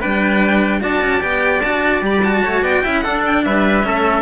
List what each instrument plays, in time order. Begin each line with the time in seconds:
0.00 cello G3 D4, trumpet B4, violin G5
0.80 cello D4 F#4, trumpet D5, violin A5
1.01 cello C#4
1.20 cello B3 G4, violin G5
1.61 cello D4 F#4, violin A5
2.01 cello G3 G4, violin B5
2.23 cello F#4, violin A5
2.43 cello A3, trumpet C#5
2.62 cello B3, trumpet D5, violin G5
2.83 cello C#4 E4, trumpet E5
3.00 cello D4, trumpet A4, violin F#5
3.25 violin G5
3.44 cello G3, trumpet B4, violin E5
3.83 cello A3 C#4, trumpet A4